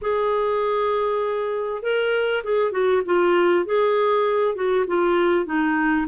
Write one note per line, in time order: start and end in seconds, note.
0.01 1.82 G#4
1.82 2.42 A#4
2.43 2.71 G#4
2.71 3.01 F#4
3.05 3.65 F4
3.65 4.55 G#4
4.55 4.85 F#4
4.87 5.45 F4
5.45 6.06 D#4